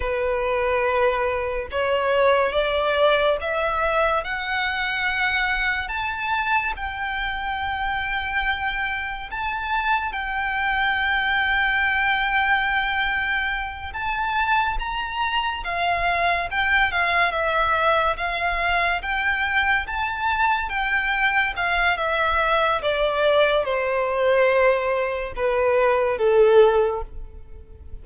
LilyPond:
\new Staff \with { instrumentName = "violin" } { \time 4/4 \tempo 4 = 71 b'2 cis''4 d''4 | e''4 fis''2 a''4 | g''2. a''4 | g''1~ |
g''8 a''4 ais''4 f''4 g''8 | f''8 e''4 f''4 g''4 a''8~ | a''8 g''4 f''8 e''4 d''4 | c''2 b'4 a'4 | }